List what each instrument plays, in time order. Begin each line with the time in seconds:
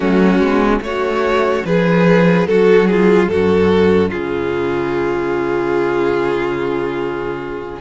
0.00 cello F#3, viola A3, violin C#4 F#4
0.39 cello G#3, viola B3
0.81 cello A3, viola C#4, violin F#4 C#5
1.64 cello F3, violin G#4 B4
2.46 cello F#3, violin F#4 A4
2.87 violin F4 G#4
3.28 cello F#2, violin F#4 A4
4.09 cello C#3, violin F4 G#4